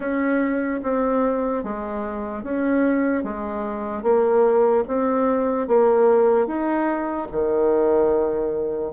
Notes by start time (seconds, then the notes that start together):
0.00 C#4
0.82 C4
1.63 G#3
2.43 C#4
3.23 G#3
4.02 A#3
4.87 C4
5.67 A#3
6.46 D#4
7.31 D#3